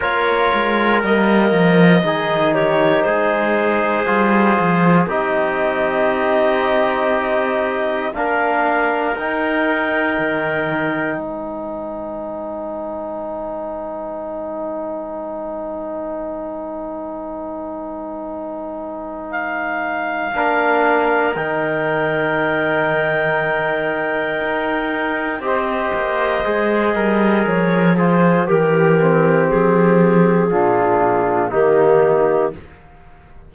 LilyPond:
<<
  \new Staff \with { instrumentName = "clarinet" } { \time 4/4 \tempo 4 = 59 cis''4 dis''4. cis''8 c''4~ | c''4 dis''2. | f''4 g''2 gis''4~ | gis''1~ |
gis''2. f''4~ | f''4 g''2.~ | g''4 dis''2 cis''8 c''8 | ais'4 gis'2 g'4 | }
  \new Staff \with { instrumentName = "trumpet" } { \time 4/4 ais'2 gis'8 g'8 gis'4~ | gis'4 g'2. | ais'2. b'4~ | b'1~ |
b'1 | ais'1~ | ais'4 c''4. ais'4 gis'8 | g'2 f'4 dis'4 | }
  \new Staff \with { instrumentName = "trombone" } { \time 4/4 f'4 ais4 dis'2 | f'4 dis'2. | d'4 dis'2.~ | dis'1~ |
dis'1 | d'4 dis'2.~ | dis'4 g'4 gis'4. f'8 | g'8 c'4. d'4 ais4 | }
  \new Staff \with { instrumentName = "cello" } { \time 4/4 ais8 gis8 g8 f8 dis4 gis4 | g8 f8 c'2. | ais4 dis'4 dis4 gis4~ | gis1~ |
gis1 | ais4 dis2. | dis'4 c'8 ais8 gis8 g8 f4 | e4 f4 ais,4 dis4 | }
>>